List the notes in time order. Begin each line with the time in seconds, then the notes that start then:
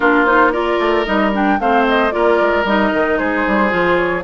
0.00 A#3 D4 F4 A#4
0.25 D#4 C5
0.52 F4 A#4 D5
0.79 A3
1.05 G3 D#4 D#5
1.32 D4 G5
1.59 A3 C4 C5 F5
1.87 D#5
2.11 A#3 F4 A#4 D5
2.41 G#3
2.64 G3 D#4 D#5
2.93 D#3
3.18 G#3 G#4 C5
3.47 G3
3.68 F3 F4
3.96 C#5